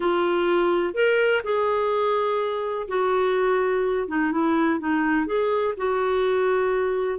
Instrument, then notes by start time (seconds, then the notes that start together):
clarinet
0.00 F4
0.94 A#4
1.43 G#4
2.88 F#4
4.08 D#4
4.31 E4
4.79 D#4
5.26 G#4
5.77 F#4